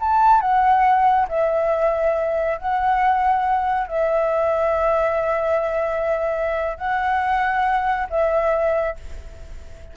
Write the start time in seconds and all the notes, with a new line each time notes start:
0.00 A5
0.41 F#5
1.29 E5
2.58 F#5
3.88 E5
6.78 F#5
8.10 E5